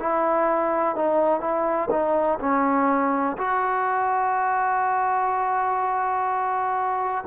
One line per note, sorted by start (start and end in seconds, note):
0.00 0.95 E4
0.95 1.40 D#4
1.40 1.88 E4
1.90 2.38 D#4
2.40 3.37 C#4
3.37 7.24 F#4